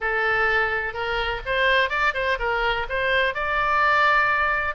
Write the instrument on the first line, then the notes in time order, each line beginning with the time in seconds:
oboe
0.00 A4
0.93 A#4
1.45 C5
1.89 D5
2.14 C5
2.39 A#4
2.89 C5
3.34 D5